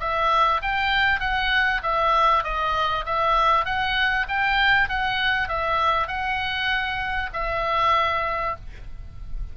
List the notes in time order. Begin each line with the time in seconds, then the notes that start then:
0.00 E5
0.62 G5
1.20 F#5
1.83 E5
2.44 D#5
3.05 E5
3.65 F#5
4.28 G5
4.89 F#5
5.49 E5
6.08 F#5
7.33 E5